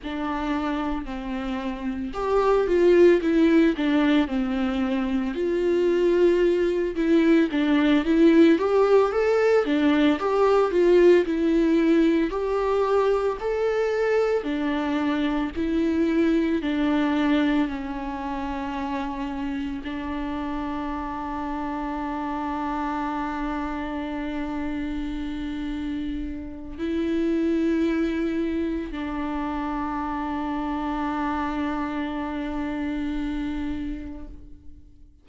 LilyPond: \new Staff \with { instrumentName = "viola" } { \time 4/4 \tempo 4 = 56 d'4 c'4 g'8 f'8 e'8 d'8 | c'4 f'4. e'8 d'8 e'8 | g'8 a'8 d'8 g'8 f'8 e'4 g'8~ | g'8 a'4 d'4 e'4 d'8~ |
d'8 cis'2 d'4.~ | d'1~ | d'4 e'2 d'4~ | d'1 | }